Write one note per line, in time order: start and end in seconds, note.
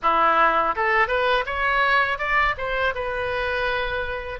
0.02 0.75 E4
0.75 1.07 A4
1.07 1.44 B4
1.46 2.18 C#5
2.18 2.54 D5
2.57 2.94 C5
2.95 4.39 B4